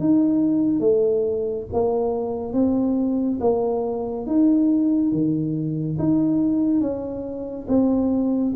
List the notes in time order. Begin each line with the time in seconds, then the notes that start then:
0.00 D#4
0.80 A3
1.73 A#3
2.54 C4
3.41 A#3
4.27 D#4
5.12 D#3
5.99 D#4
6.81 C#4
7.68 C4